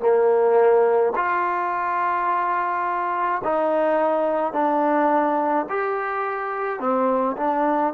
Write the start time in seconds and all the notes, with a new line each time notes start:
0.00 A#3
1.16 F4
3.44 D#4
4.53 D4
5.69 G4
6.79 C4
7.37 D4